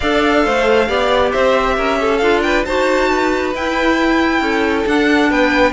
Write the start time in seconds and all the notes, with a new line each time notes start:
0.00 D4 A4 D5 F5
0.44 A3 C5
0.87 B3 G4 D5
1.32 C4 C5 E5
1.77 C#4 A#4
2.00 A4
2.17 D4 F4 F5
2.42 B4 G5
2.65 D#4 F#4 C5 A5
3.09 B4
3.54 E4 G5
4.40 C#4 A4
4.86 D4 F#5
5.30 B3 B4 G5